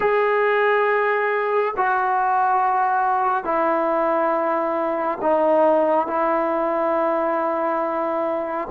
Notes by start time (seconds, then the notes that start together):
0.00 G#4
1.76 F#4
3.44 E4
5.21 D#4
6.07 E4